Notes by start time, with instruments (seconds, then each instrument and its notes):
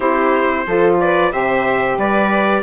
0.00 bassoon C4, saxophone E4, viola G4, trumpet C5
0.66 bassoon F3, saxophone F4, viola A4
1.00 viola B4, trumpet D5
1.31 bassoon C3, saxophone G4, viola C5, trumpet E5
1.97 bassoon G3, viola B4, trumpet D5